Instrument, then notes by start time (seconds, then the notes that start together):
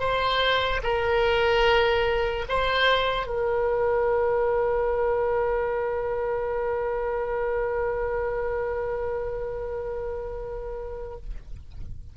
oboe
0.00 C5
0.83 A#4
2.49 C5
3.27 A#4